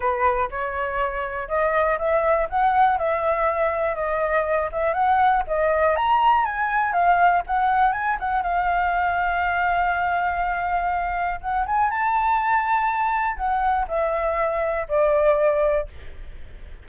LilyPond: \new Staff \with { instrumentName = "flute" } { \time 4/4 \tempo 4 = 121 b'4 cis''2 dis''4 | e''4 fis''4 e''2 | dis''4. e''8 fis''4 dis''4 | ais''4 gis''4 f''4 fis''4 |
gis''8 fis''8 f''2.~ | f''2. fis''8 gis''8 | a''2. fis''4 | e''2 d''2 | }